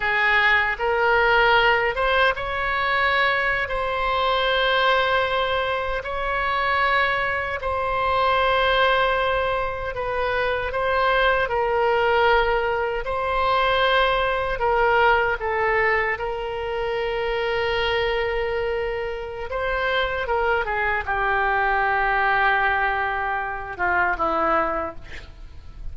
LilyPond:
\new Staff \with { instrumentName = "oboe" } { \time 4/4 \tempo 4 = 77 gis'4 ais'4. c''8 cis''4~ | cis''8. c''2. cis''16~ | cis''4.~ cis''16 c''2~ c''16~ | c''8. b'4 c''4 ais'4~ ais'16~ |
ais'8. c''2 ais'4 a'16~ | a'8. ais'2.~ ais'16~ | ais'4 c''4 ais'8 gis'8 g'4~ | g'2~ g'8 f'8 e'4 | }